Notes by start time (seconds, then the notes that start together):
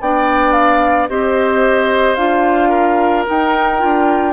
0.00 B3 D4 D5 G5
0.52 F5
1.09 C4 G4 C5 D#5
2.15 D4 F4 F5
2.69 A#4
3.25 D#4 G5
3.79 D4 F4